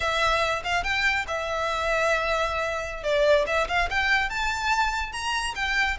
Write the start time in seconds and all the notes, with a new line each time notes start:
0.00 E5
0.64 F5
0.83 G5
1.27 E5
3.03 D5
3.46 E5
3.68 F5
3.90 G5
4.29 A5
5.12 A#5
5.55 G5